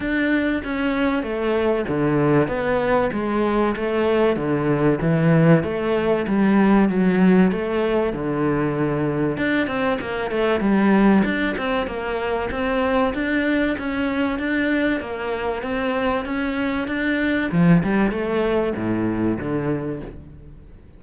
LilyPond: \new Staff \with { instrumentName = "cello" } { \time 4/4 \tempo 4 = 96 d'4 cis'4 a4 d4 | b4 gis4 a4 d4 | e4 a4 g4 fis4 | a4 d2 d'8 c'8 |
ais8 a8 g4 d'8 c'8 ais4 | c'4 d'4 cis'4 d'4 | ais4 c'4 cis'4 d'4 | f8 g8 a4 a,4 d4 | }